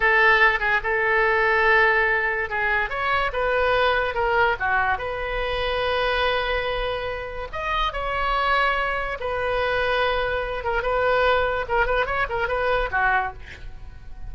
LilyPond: \new Staff \with { instrumentName = "oboe" } { \time 4/4 \tempo 4 = 144 a'4. gis'8 a'2~ | a'2 gis'4 cis''4 | b'2 ais'4 fis'4 | b'1~ |
b'2 dis''4 cis''4~ | cis''2 b'2~ | b'4. ais'8 b'2 | ais'8 b'8 cis''8 ais'8 b'4 fis'4 | }